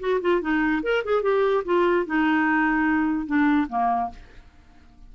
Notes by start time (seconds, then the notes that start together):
0.00 F#4
0.21 F4
0.41 D#4
0.83 A#4
1.04 G#4
1.22 G4
1.65 F4
2.06 D#4
3.26 D4
3.69 A#3